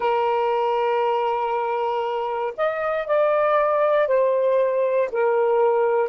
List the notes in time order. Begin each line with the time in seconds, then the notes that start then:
0.00 A#4
2.57 D#5
3.06 D5
4.07 C5
5.11 A#4